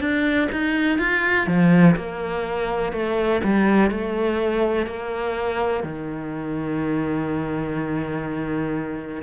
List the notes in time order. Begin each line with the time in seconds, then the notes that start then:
0.00 D4
0.51 D#4
0.99 F4
1.47 F3
1.96 A#3
2.93 A3
3.44 G3
3.91 A3
4.87 A#3
5.83 D#3